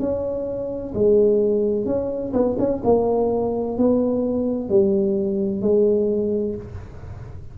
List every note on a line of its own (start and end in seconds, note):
0.00 0.94 C#4
0.95 1.86 G#3
1.86 2.33 C#4
2.34 2.57 B3
2.59 2.83 C#4
2.84 3.78 A#3
3.78 4.70 B3
4.70 5.62 G3
5.62 6.55 G#3